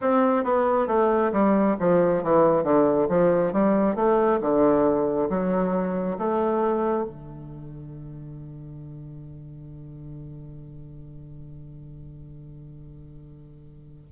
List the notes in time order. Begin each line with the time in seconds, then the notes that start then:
0.01 C4
0.44 B3
0.87 A3
1.32 G3
1.79 F3
2.23 E3
2.63 D3
3.08 F3
3.53 G3
3.95 A3
4.41 D3
5.29 F#3
6.18 A3
7.04 D3